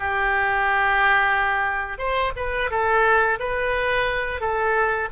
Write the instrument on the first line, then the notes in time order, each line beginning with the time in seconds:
oboe
0.00 G4
1.99 C5
2.36 B4
2.71 A4
3.40 B4
4.41 A4